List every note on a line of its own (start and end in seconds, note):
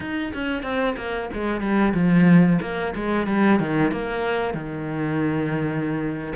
0.00 0.32 D#4
0.33 0.63 C#4
0.63 0.95 C4
0.96 1.29 A#3
1.33 1.60 G#3
1.60 1.93 G3
1.94 2.59 F3
2.61 2.93 A#3
2.95 3.26 G#3
3.26 3.59 G3
3.59 3.91 D#3
3.91 4.54 A#3
4.54 6.33 D#3